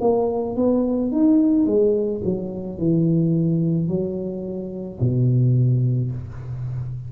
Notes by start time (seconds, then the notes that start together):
0.00 A#3
0.56 B3
1.11 D#4
1.66 G#3
2.24 F#3
2.78 E3
3.88 F#3
5.00 B2